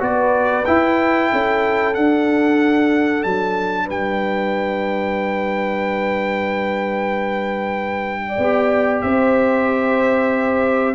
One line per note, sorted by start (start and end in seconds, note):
0.00 0.66 B3
0.00 0.65 F#4
0.00 1.32 B4
0.00 0.66 D5
0.66 1.95 E4
0.66 1.32 E4
0.66 1.95 G5
1.32 1.97 C#4
1.32 3.86 A4
1.95 8.40 D4
1.95 3.25 D4
1.95 3.24 F#5
3.24 3.90 F#3
3.24 3.88 A5
3.86 8.38 G3
3.86 8.21 B4
3.86 9.02 G5
8.28 9.05 D5
8.38 9.03 B3
8.38 10.95 G4
9.02 10.95 C4
9.02 10.95 C5
9.02 10.95 E5